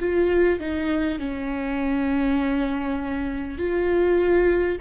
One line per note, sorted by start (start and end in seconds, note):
0.00 0.60 F4
0.60 1.19 D#4
1.19 3.58 C#4
3.58 4.78 F4